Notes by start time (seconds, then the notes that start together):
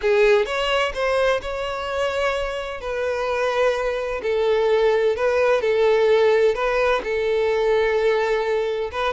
0.01 G#4
0.45 C#5
0.94 C5
1.41 C#5
2.80 B4
4.22 A4
5.16 B4
5.61 A4
6.54 B4
7.03 A4
8.91 B4